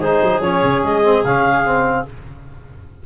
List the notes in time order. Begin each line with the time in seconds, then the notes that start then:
0.00 G#3 D#4 G#4 C5
0.23 F#3
0.41 F3 C#4 C#5
0.63 C#3
0.84 G#3 D#5
1.04 C4
1.24 C#3 C#4 F5
1.65 C4